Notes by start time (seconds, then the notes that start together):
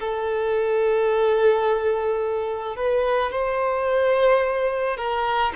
0.00 A4
2.77 B4
3.32 C5
4.97 A#4